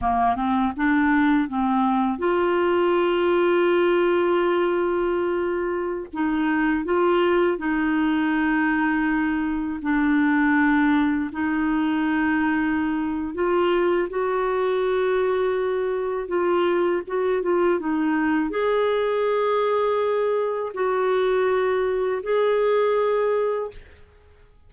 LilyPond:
\new Staff \with { instrumentName = "clarinet" } { \time 4/4 \tempo 4 = 81 ais8 c'8 d'4 c'4 f'4~ | f'1~ | f'16 dis'4 f'4 dis'4.~ dis'16~ | dis'4~ dis'16 d'2 dis'8.~ |
dis'2 f'4 fis'4~ | fis'2 f'4 fis'8 f'8 | dis'4 gis'2. | fis'2 gis'2 | }